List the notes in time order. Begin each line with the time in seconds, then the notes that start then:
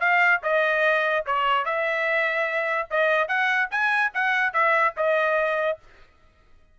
0.00 F5
0.43 D#5
1.26 C#5
1.66 E5
2.90 D#5
3.28 F#5
3.71 G#5
4.14 F#5
4.53 E5
4.97 D#5